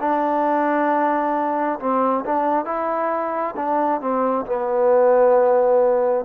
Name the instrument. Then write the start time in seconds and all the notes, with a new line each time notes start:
trombone
0.00 D4
1.80 C4
2.25 D4
2.65 E4
3.56 D4
4.01 C4
4.46 B3